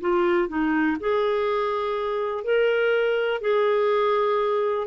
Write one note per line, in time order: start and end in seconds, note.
0.00 0.48 F4
0.48 0.97 D#4
1.00 2.43 G#4
2.43 3.41 A#4
3.41 4.87 G#4